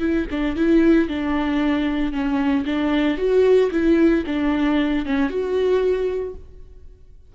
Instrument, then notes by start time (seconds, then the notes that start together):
viola
0.00 E4
0.31 D4
0.56 E4
1.09 D4
2.12 C#4
2.66 D4
3.18 F#4
3.72 E4
4.27 D4
5.06 C#4
5.30 F#4